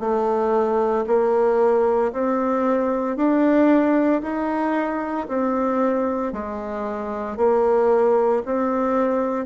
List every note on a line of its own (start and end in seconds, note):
0.00 1.05 A3
1.07 2.12 A#3
2.12 3.17 C4
3.17 4.22 D4
4.22 5.27 D#4
5.28 6.33 C4
6.33 7.37 G#3
7.37 8.43 A#3
8.45 9.45 C4